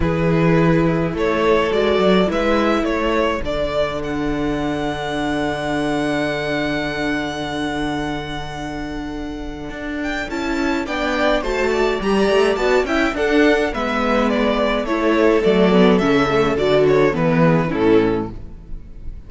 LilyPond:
<<
  \new Staff \with { instrumentName = "violin" } { \time 4/4 \tempo 4 = 105 b'2 cis''4 d''4 | e''4 cis''4 d''4 fis''4~ | fis''1~ | fis''1~ |
fis''4. g''8 a''4 g''4 | a''4 ais''4 a''8 g''8 fis''4 | e''4 d''4 cis''4 d''4 | e''4 d''8 cis''8 b'4 a'4 | }
  \new Staff \with { instrumentName = "violin" } { \time 4/4 gis'2 a'2 | b'4 a'2.~ | a'1~ | a'1~ |
a'2. d''4 | c''8 d''2 e''8 a'4 | b'2 a'2~ | a'2~ a'8 gis'8 e'4 | }
  \new Staff \with { instrumentName = "viola" } { \time 4/4 e'2. fis'4 | e'2 d'2~ | d'1~ | d'1~ |
d'2 e'4 d'4 | fis'4 g'4 fis'8 e'8 d'4 | b2 e'4 a8 b8 | cis'8 a8 fis'4 b4 cis'4 | }
  \new Staff \with { instrumentName = "cello" } { \time 4/4 e2 a4 gis8 fis8 | gis4 a4 d2~ | d1~ | d1~ |
d4 d'4 cis'4 b4 | a4 g8 a8 b8 cis'8 d'4 | gis2 a4 fis4 | cis4 d4 e4 a,4 | }
>>